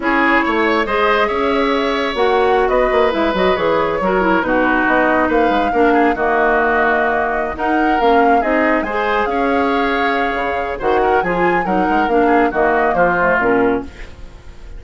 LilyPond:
<<
  \new Staff \with { instrumentName = "flute" } { \time 4/4 \tempo 4 = 139 cis''2 dis''4 e''4~ | e''4 fis''4~ fis''16 dis''4 e''8 dis''16~ | dis''16 cis''2 b'4 dis''8.~ | dis''16 f''2 dis''4.~ dis''16~ |
dis''4. fis''4 f''4 dis''8~ | dis''8 gis''4 f''2~ f''8~ | f''4 fis''4 gis''4 fis''4 | f''4 dis''4 c''4 ais'4 | }
  \new Staff \with { instrumentName = "oboe" } { \time 4/4 gis'4 cis''4 c''4 cis''4~ | cis''2~ cis''16 b'4.~ b'16~ | b'4~ b'16 ais'4 fis'4.~ fis'16~ | fis'16 b'4 ais'8 gis'8 fis'4.~ fis'16~ |
fis'4. ais'2 gis'8~ | gis'8 c''4 cis''2~ cis''8~ | cis''4 c''8 ais'8 gis'4 ais'4~ | ais'8 gis'8 fis'4 f'2 | }
  \new Staff \with { instrumentName = "clarinet" } { \time 4/4 e'2 gis'2~ | gis'4 fis'2~ fis'16 e'8 fis'16~ | fis'16 gis'4 fis'8 e'8 dis'4.~ dis'16~ | dis'4~ dis'16 d'4 ais4.~ ais16~ |
ais4. dis'4 cis'4 dis'8~ | dis'8 gis'2.~ gis'8~ | gis'4 fis'4 f'4 dis'4 | d'4 ais4. a8 cis'4 | }
  \new Staff \with { instrumentName = "bassoon" } { \time 4/4 cis'4 a4 gis4 cis'4~ | cis'4 ais4~ ais16 b8 ais8 gis8 fis16~ | fis16 e4 fis4 b,4 b8.~ | b16 ais8 gis8 ais4 dis4.~ dis16~ |
dis4. dis'4 ais4 c'8~ | c'8 gis4 cis'2~ cis'8 | cis4 dis4 f4 fis8 gis8 | ais4 dis4 f4 ais,4 | }
>>